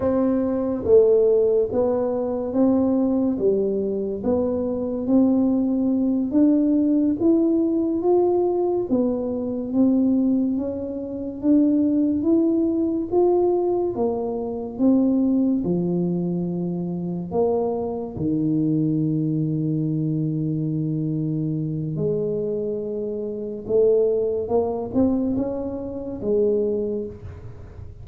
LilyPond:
\new Staff \with { instrumentName = "tuba" } { \time 4/4 \tempo 4 = 71 c'4 a4 b4 c'4 | g4 b4 c'4. d'8~ | d'8 e'4 f'4 b4 c'8~ | c'8 cis'4 d'4 e'4 f'8~ |
f'8 ais4 c'4 f4.~ | f8 ais4 dis2~ dis8~ | dis2 gis2 | a4 ais8 c'8 cis'4 gis4 | }